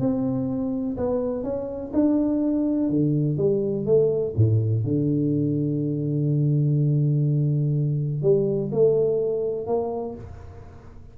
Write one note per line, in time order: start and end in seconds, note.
0.00 0.97 C4
0.97 1.44 B3
1.44 1.92 C#4
1.94 2.90 D4
2.90 3.38 D3
3.38 3.86 G3
3.86 4.34 A3
4.37 4.84 A2
4.84 8.23 D3
8.23 8.71 G3
8.72 9.67 A3
9.67 10.15 A#3